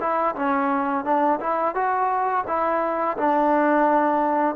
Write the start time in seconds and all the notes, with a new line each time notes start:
0.00 E4
0.36 C#4
1.05 D4
1.40 E4
1.75 F#4
2.47 E4
3.17 D4